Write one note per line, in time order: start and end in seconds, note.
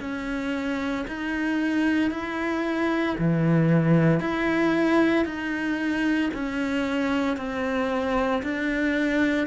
0.00 1.05 C#4
1.07 2.11 D#4
2.11 3.16 E4
3.18 4.20 E3
4.20 5.25 E4
5.25 6.30 D#4
6.33 7.37 C#4
7.37 8.42 C4
8.43 9.46 D4